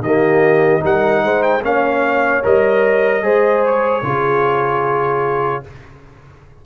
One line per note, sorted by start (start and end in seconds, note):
0.00 0.80 D#3
0.00 0.80 A#3
0.00 0.83 G4
0.00 0.82 D#5
0.80 1.22 G3
0.80 1.60 D#4
0.80 1.23 A#4
0.80 1.42 F#5
1.22 1.62 G#3
1.22 1.64 C5
1.42 1.62 G5
1.62 2.43 A#3
1.62 2.43 C#4
1.62 3.23 C#5
1.62 2.44 F5
2.43 3.22 G3
2.43 3.22 A#4
2.43 3.65 D#5
3.22 4.02 G#3
3.22 4.02 G#4
3.22 4.03 C5
3.65 5.65 C#5
4.02 5.62 C#3
4.02 5.63 F4
4.02 5.64 G#4